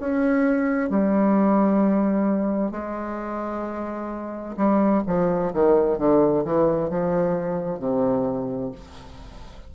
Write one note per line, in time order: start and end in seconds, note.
0.00 0.90 C#4
0.90 2.71 G3
2.71 4.56 G#3
4.57 5.03 G3
5.07 5.53 F3
5.53 5.98 D#3
5.98 6.44 D3
6.44 6.90 E3
6.90 7.80 F3
7.80 8.72 C3